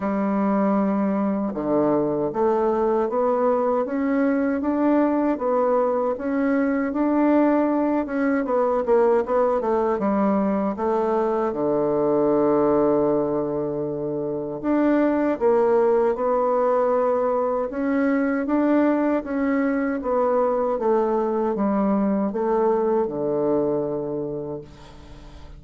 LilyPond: \new Staff \with { instrumentName = "bassoon" } { \time 4/4 \tempo 4 = 78 g2 d4 a4 | b4 cis'4 d'4 b4 | cis'4 d'4. cis'8 b8 ais8 | b8 a8 g4 a4 d4~ |
d2. d'4 | ais4 b2 cis'4 | d'4 cis'4 b4 a4 | g4 a4 d2 | }